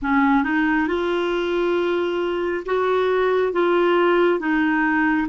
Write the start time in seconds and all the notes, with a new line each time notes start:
0.02 C#4
0.43 D#4
0.87 F4
2.65 F#4
3.53 F4
4.39 D#4